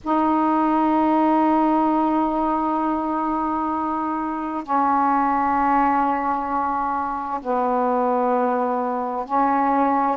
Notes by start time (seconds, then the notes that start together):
0.03 D#4
4.63 C#4
7.41 B3
9.25 C#4